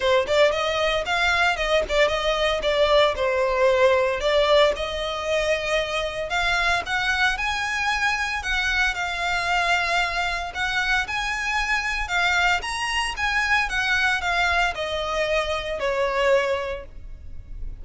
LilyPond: \new Staff \with { instrumentName = "violin" } { \time 4/4 \tempo 4 = 114 c''8 d''8 dis''4 f''4 dis''8 d''8 | dis''4 d''4 c''2 | d''4 dis''2. | f''4 fis''4 gis''2 |
fis''4 f''2. | fis''4 gis''2 f''4 | ais''4 gis''4 fis''4 f''4 | dis''2 cis''2 | }